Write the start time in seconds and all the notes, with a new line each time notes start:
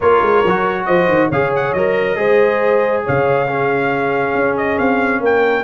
0.00 A#3 F4 A#4 C#5
0.21 G#3
0.44 F#3 F#4
0.85 F3 C5 D#5
1.08 D#3
1.28 C#3 G#4 C#5 F5
1.55 F#5
1.73 F#3 A#4 D#5
2.15 G#3 G#4 C5
3.04 C#3 C#5 F5
3.47 C#4 G#4
4.34 C#4
4.57 D#5
4.78 C4 F5
5.20 A#3 A#4 G5